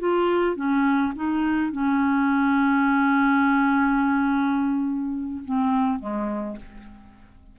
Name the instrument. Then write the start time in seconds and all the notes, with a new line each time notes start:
clarinet
0.00 F4
0.56 C#4
1.16 D#4
1.72 C#4
5.45 C4
6.00 G#3